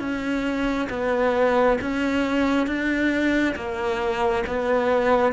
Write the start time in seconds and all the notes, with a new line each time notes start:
0.00 C#4
0.90 B3
1.81 C#4
2.67 D4
3.56 A#3
4.47 B3